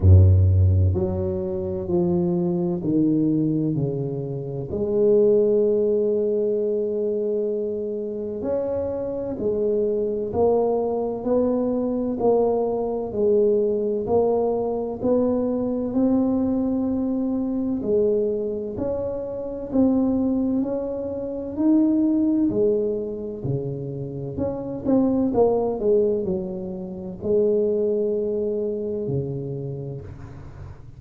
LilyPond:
\new Staff \with { instrumentName = "tuba" } { \time 4/4 \tempo 4 = 64 fis,4 fis4 f4 dis4 | cis4 gis2.~ | gis4 cis'4 gis4 ais4 | b4 ais4 gis4 ais4 |
b4 c'2 gis4 | cis'4 c'4 cis'4 dis'4 | gis4 cis4 cis'8 c'8 ais8 gis8 | fis4 gis2 cis4 | }